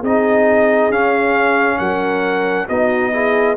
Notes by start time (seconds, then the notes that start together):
0.00 C4 D#4 G#4 D#5
0.90 C#4 F5
1.78 F#3 A#4 F#5
2.68 B3 D#4 F#4 D#5
3.12 E4 G#4